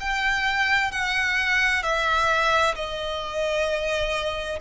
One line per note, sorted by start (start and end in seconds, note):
0.00 0.91 G5
0.91 1.83 F#5
1.83 2.75 E5
2.75 4.60 D#5